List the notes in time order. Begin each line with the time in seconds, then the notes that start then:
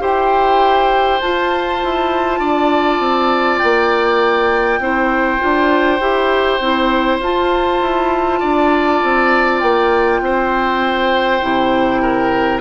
0.00 E4 G4 C5 G5
1.21 F4 A5
1.83 E4
2.40 D4 D5
3.00 C4
3.58 A#3 G5
4.79 C4 E4 C5
5.39 D4 F4
6.00 E4 G4
6.60 C4 E4
7.20 F4 A5
7.81 E4
8.40 D4 D5
9.03 C4
9.60 A#3 G5
10.21 C4 C5
11.42 C3 E4
12.02 A#4